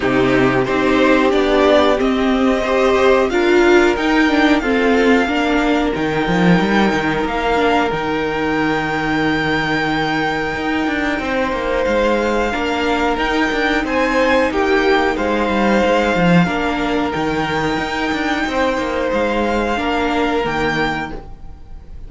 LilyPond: <<
  \new Staff \with { instrumentName = "violin" } { \time 4/4 \tempo 4 = 91 g'4 c''4 d''4 dis''4~ | dis''4 f''4 g''4 f''4~ | f''4 g''2 f''4 | g''1~ |
g''2 f''2 | g''4 gis''4 g''4 f''4~ | f''2 g''2~ | g''4 f''2 g''4 | }
  \new Staff \with { instrumentName = "violin" } { \time 4/4 dis'4 g'2. | c''4 ais'2 a'4 | ais'1~ | ais'1~ |
ais'4 c''2 ais'4~ | ais'4 c''4 g'4 c''4~ | c''4 ais'2. | c''2 ais'2 | }
  \new Staff \with { instrumentName = "viola" } { \time 4/4 c'4 dis'4 d'4 c'4 | g'4 f'4 dis'8 d'8 c'4 | d'4 dis'2~ dis'8 d'8 | dis'1~ |
dis'2. d'4 | dis'1~ | dis'4 d'4 dis'2~ | dis'2 d'4 ais4 | }
  \new Staff \with { instrumentName = "cello" } { \time 4/4 c4 c'4 b4 c'4~ | c'4 d'4 dis'4 f'4 | ais4 dis8 f8 g8 dis8 ais4 | dis1 |
dis'8 d'8 c'8 ais8 gis4 ais4 | dis'8 d'8 c'4 ais4 gis8 g8 | gis8 f8 ais4 dis4 dis'8 d'8 | c'8 ais8 gis4 ais4 dis4 | }
>>